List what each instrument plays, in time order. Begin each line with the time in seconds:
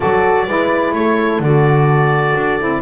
0.00 double bass F#3, saxophone F#4, horn A4, oboe D5
0.46 double bass G#3, saxophone E4, horn B4
0.92 double bass A3, horn A4, oboe C#5
1.39 double bass D3, saxophone F#4, oboe D5
2.36 double bass D4
2.59 double bass C4, saxophone E4